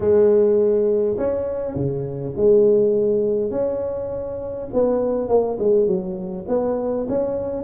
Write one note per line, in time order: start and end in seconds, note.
0.00 1.17 G#3
1.17 1.75 C#4
1.75 2.34 C#3
2.36 3.50 G#3
3.50 4.68 C#4
4.73 5.28 B3
5.28 5.57 A#3
5.59 5.86 G#3
5.86 6.45 F#3
6.48 7.07 B3
7.09 7.63 C#4